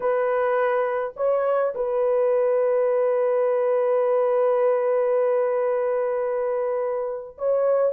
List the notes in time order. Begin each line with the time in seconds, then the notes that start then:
0.00 B4
1.16 C#5
1.74 B4
7.38 C#5